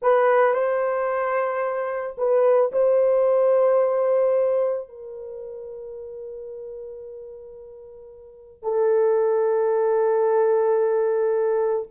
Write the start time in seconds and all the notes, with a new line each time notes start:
0.01 B4
0.54 C5
2.17 B4
2.72 C5
4.88 A#4
8.62 A4